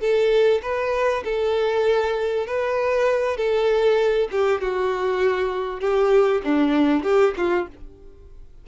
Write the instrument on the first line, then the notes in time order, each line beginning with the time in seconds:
violin
0.00 A4
0.62 B4
1.24 A4
2.46 B4
3.37 A4
4.31 G4
4.61 F#4
5.80 G4
6.44 D4
7.03 G4
7.37 F4